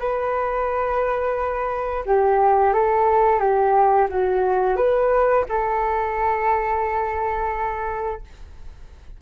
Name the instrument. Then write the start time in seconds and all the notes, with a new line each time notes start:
flute
0.00 B4
2.06 G4
2.73 A4
3.40 G4
4.09 F#4
4.77 B4
5.49 A4